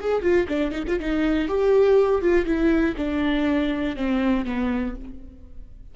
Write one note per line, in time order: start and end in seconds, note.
0.00 0.21 G#4
0.21 0.46 F4
0.48 0.71 D4
0.71 0.83 D#4
0.87 0.99 F4
0.99 1.48 D#4
1.48 2.21 G4
2.21 2.45 F4
2.45 2.95 E4
2.96 3.96 D4
3.96 4.45 C4
4.45 4.95 B3